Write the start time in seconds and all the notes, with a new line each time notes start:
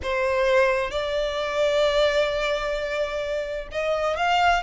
0.02 C5
0.91 D5
3.71 D#5
4.16 F5